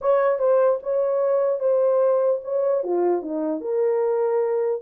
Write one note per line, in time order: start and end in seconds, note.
0.01 0.38 C#5
0.38 0.79 C5
0.83 1.59 C#5
1.59 2.40 C5
2.44 2.83 C#5
2.83 3.22 F4
3.22 3.61 D#4
3.61 4.81 A#4